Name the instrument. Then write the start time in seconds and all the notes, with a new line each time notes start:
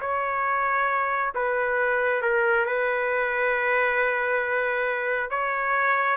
trumpet
0.00 C#5
1.34 B4
2.22 A#4
2.66 B4
5.30 C#5